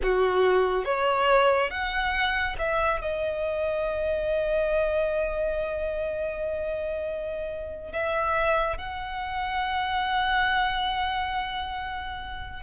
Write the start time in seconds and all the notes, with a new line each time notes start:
0.02 F#4
0.85 C#5
1.70 F#5
2.58 E5
3.01 D#5
7.92 E5
8.77 F#5